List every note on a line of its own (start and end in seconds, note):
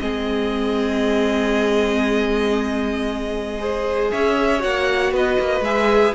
0.00 4.12 G#3
0.00 3.60 C4
0.00 3.61 G#4
0.00 4.10 D#5
3.60 4.60 G#4
3.60 4.12 C5
4.12 4.64 C#4
4.12 5.13 C#5
4.12 4.62 E5
4.60 5.12 A#3
4.60 5.62 F#4
4.60 5.14 F#5
5.12 5.38 B3
5.12 6.15 B4
5.12 5.65 D#5
5.40 5.61 A#3
5.61 6.12 G#3
5.61 6.15 G#4
5.61 6.15 E5